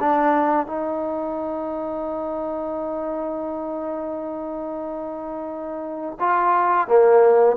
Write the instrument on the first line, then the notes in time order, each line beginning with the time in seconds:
trombone
0.00 D4
0.67 D#4
6.20 F4
6.88 A#3